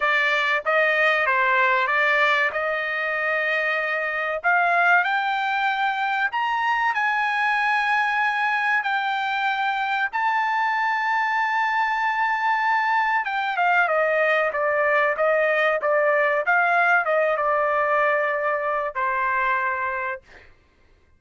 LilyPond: \new Staff \with { instrumentName = "trumpet" } { \time 4/4 \tempo 4 = 95 d''4 dis''4 c''4 d''4 | dis''2. f''4 | g''2 ais''4 gis''4~ | gis''2 g''2 |
a''1~ | a''4 g''8 f''8 dis''4 d''4 | dis''4 d''4 f''4 dis''8 d''8~ | d''2 c''2 | }